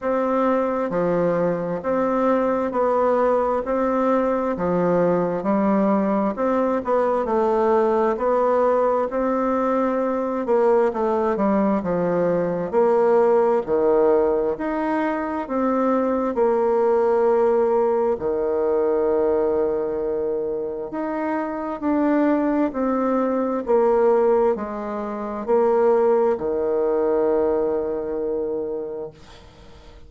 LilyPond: \new Staff \with { instrumentName = "bassoon" } { \time 4/4 \tempo 4 = 66 c'4 f4 c'4 b4 | c'4 f4 g4 c'8 b8 | a4 b4 c'4. ais8 | a8 g8 f4 ais4 dis4 |
dis'4 c'4 ais2 | dis2. dis'4 | d'4 c'4 ais4 gis4 | ais4 dis2. | }